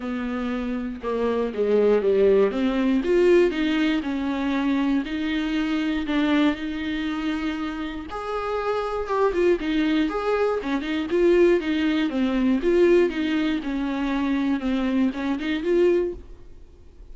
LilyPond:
\new Staff \with { instrumentName = "viola" } { \time 4/4 \tempo 4 = 119 b2 ais4 gis4 | g4 c'4 f'4 dis'4 | cis'2 dis'2 | d'4 dis'2. |
gis'2 g'8 f'8 dis'4 | gis'4 cis'8 dis'8 f'4 dis'4 | c'4 f'4 dis'4 cis'4~ | cis'4 c'4 cis'8 dis'8 f'4 | }